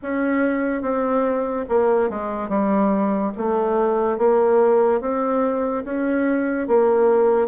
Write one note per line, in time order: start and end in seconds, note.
0.02 0.82 C#4
0.82 1.65 C4
1.69 2.09 A#3
2.09 2.48 G#3
2.48 3.31 G3
3.37 4.17 A3
4.17 5.00 A#3
5.00 5.84 C4
5.84 6.67 C#4
6.67 7.47 A#3